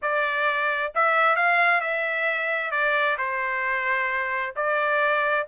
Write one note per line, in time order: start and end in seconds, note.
0.01 0.92 D5
0.94 1.36 E5
1.36 1.80 F5
1.80 2.71 E5
2.71 3.16 D5
3.18 4.54 C5
4.56 5.46 D5